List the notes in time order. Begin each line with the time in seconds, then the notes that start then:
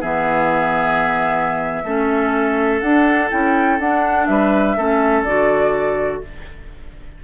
0.00 E3 B3 G#4 E5
1.84 A3 C#4 A4
2.80 D4 F#5
3.30 C#4 E4 G5
3.79 D4 F#5
4.26 G3 B4 E5
4.77 A3 C#4 A4
5.24 D3 F#4 D5